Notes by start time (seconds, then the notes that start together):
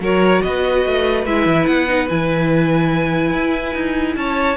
0.00 F#3 F#4 A#4 C#5
0.42 B3 B4 D#5
0.86 A3
1.26 G#3 E4 E5
1.46 E3
1.66 B3 F#5
1.88 D#4
2.09 E3 E4 G#5
3.33 E4
3.74 D#4
4.16 C#4 C#5 A5